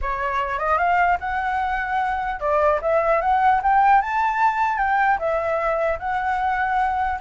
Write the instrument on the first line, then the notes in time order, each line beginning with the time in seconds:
flute
0.01 C#5
0.59 D#5
0.78 F5
1.20 F#5
2.40 D5
2.81 E5
3.21 F#5
3.62 G5
4.01 A5
4.78 G5
5.18 E5
5.99 F#5